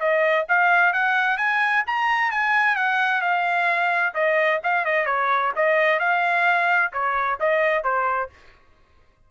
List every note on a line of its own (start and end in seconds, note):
0.00 0.46 D#5
0.49 0.94 F5
0.94 1.38 F#5
1.38 1.84 G#5
1.87 2.32 A#5
2.32 2.77 G#5
2.77 3.22 F#5
3.22 4.14 F5
4.15 4.61 D#5
4.64 4.85 F5
4.85 5.06 D#5
5.06 5.53 C#5
5.56 6.00 D#5
6.00 6.92 F5
6.93 7.39 C#5
7.40 7.84 D#5
7.84 8.30 C5